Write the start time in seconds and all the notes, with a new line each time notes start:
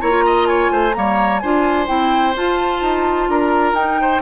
0.00 A#3 E4 C#5 A#5
0.10 F4
0.25 D#5
0.46 C#5 G#5
0.71 A3 C5
0.93 G3 A#3 C#5 A#5
1.39 D4 F4 C5 G#5
1.86 C4 E4 G5
2.36 F4 A5
2.81 D#4
3.28 D4 A#4 A#5
3.73 D#4 G5
4.01 C5